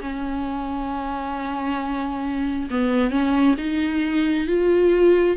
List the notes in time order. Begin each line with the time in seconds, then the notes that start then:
0.00 C#4
2.70 B3
3.10 C#4
3.57 D#4
4.47 F4